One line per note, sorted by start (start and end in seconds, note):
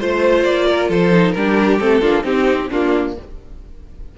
0.00 0.45 A3
0.00 1.12 F4
0.00 0.67 C5
0.00 0.44 C5
0.44 0.89 A#3
0.44 0.89 D5
0.67 0.89 A#4
0.89 1.34 F3
0.89 1.34 A4
0.89 1.32 C5
1.12 1.34 D#4
1.32 1.80 G3
1.32 1.80 D4
1.32 2.01 G4
1.32 1.78 A#4
1.79 2.02 A3
1.79 2.01 C4
1.79 2.24 A4
2.01 2.23 A#3
2.01 2.23 D4
2.01 2.24 F4
2.23 2.69 C4
2.23 2.70 C4
2.23 2.68 D#4
2.23 2.70 G4
2.70 3.17 A#3
2.70 3.18 A#3
2.70 3.15 D4
2.70 3.16 F4